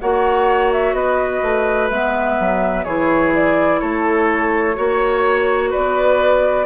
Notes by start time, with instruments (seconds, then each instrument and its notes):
0.00 bassoon A#3, clarinet F#4, oboe C#5, flute F#5
0.72 flute E5
0.93 bassoon B3, oboe B4, flute D#5
1.42 bassoon A3
1.89 bassoon G#3, clarinet B3, flute E5
2.39 bassoon F#3
2.84 bassoon E3, clarinet E4, oboe G#4, flute C#5
3.35 flute D5
3.80 bassoon A3, oboe A4, flute C#5
4.74 bassoon A#3, clarinet F#4, oboe C#5
5.70 bassoon B3, oboe B4, flute D5